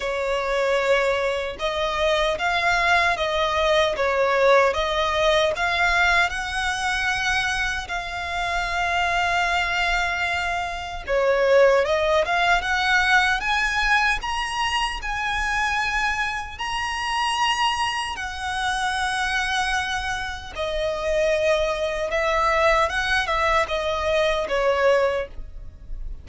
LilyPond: \new Staff \with { instrumentName = "violin" } { \time 4/4 \tempo 4 = 76 cis''2 dis''4 f''4 | dis''4 cis''4 dis''4 f''4 | fis''2 f''2~ | f''2 cis''4 dis''8 f''8 |
fis''4 gis''4 ais''4 gis''4~ | gis''4 ais''2 fis''4~ | fis''2 dis''2 | e''4 fis''8 e''8 dis''4 cis''4 | }